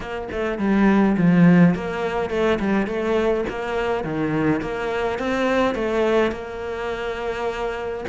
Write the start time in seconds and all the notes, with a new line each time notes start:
0.00 A#3
0.31 A3
0.58 G3
1.17 F3
1.74 A#3
2.29 A3
2.59 G3
2.86 A3
3.49 A#3
4.04 D#3
4.61 A#3
5.18 C4
5.75 A3
6.31 A#3